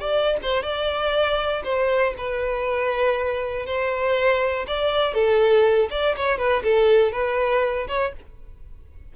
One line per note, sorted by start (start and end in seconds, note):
0.00 0.38 D5
0.43 0.63 C5
0.63 1.63 D5
1.64 2.14 C5
2.18 3.66 B4
3.66 4.66 C5
4.67 5.14 D5
5.14 5.89 A4
5.91 6.16 D5
6.17 6.38 C#5
6.38 6.63 B4
6.64 7.12 A4
7.12 7.87 B4
7.88 8.13 C#5